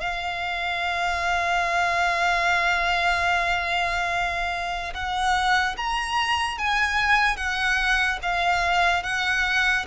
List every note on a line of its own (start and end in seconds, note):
0.00 4.93 F5
4.94 5.76 F#5
5.77 6.58 A#5
6.58 7.37 G#5
7.37 8.19 F#5
8.22 9.03 F5
9.03 9.85 F#5